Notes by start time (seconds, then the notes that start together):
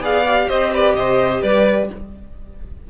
0.00 B3 G#4 D5 F5
0.26 G4
0.48 C4 C5 D#5
0.73 B4 D5
0.94 C3 C5 D#5
1.42 G3 B4 D5